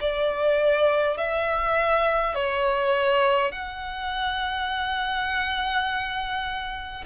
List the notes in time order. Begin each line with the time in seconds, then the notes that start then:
0.00 D5
1.17 E5
2.35 C#5
3.51 F#5